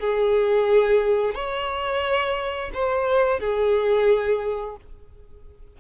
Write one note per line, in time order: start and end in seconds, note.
0.00 1.35 G#4
1.35 2.71 C#5
2.74 3.40 C5
3.40 4.77 G#4